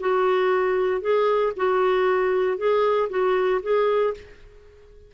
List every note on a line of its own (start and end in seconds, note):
0.00 1.01 F#4
1.01 1.53 G#4
1.56 2.58 F#4
2.58 3.09 G#4
3.09 3.61 F#4
3.62 4.14 G#4